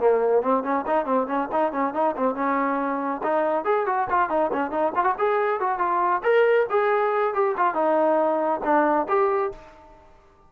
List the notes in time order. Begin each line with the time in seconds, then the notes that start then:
0.00 A#3
0.42 C4
0.64 C#4
0.87 D#4
1.06 C4
1.27 C#4
1.52 D#4
1.72 C#4
1.94 D#4
2.17 C4
2.35 C#4
3.23 D#4
3.65 G#4
3.86 F#4
4.10 F4
4.30 D#4
4.53 C#4
4.71 D#4
4.95 F4
5.04 F#4
5.18 G#4
5.60 F#4
5.79 F4
6.23 A#4
6.70 G#4
7.34 G4
7.57 F4
7.74 D#4
8.64 D4
9.09 G4